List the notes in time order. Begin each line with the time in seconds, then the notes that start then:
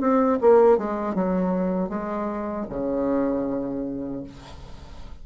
0.00 C4
0.41 A#3
0.78 G#3
1.14 F#3
1.89 G#3
2.69 C#3